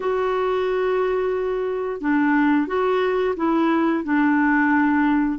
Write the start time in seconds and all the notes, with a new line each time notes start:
0.00 F#4
2.00 D4
2.67 F#4
3.36 E4
4.04 D4